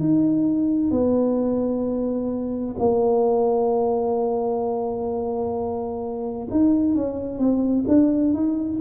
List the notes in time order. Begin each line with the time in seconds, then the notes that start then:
0.00 D#4
0.91 B3
2.79 A#3
6.51 D#4
6.95 C#4
7.39 C4
7.88 D4
8.34 D#4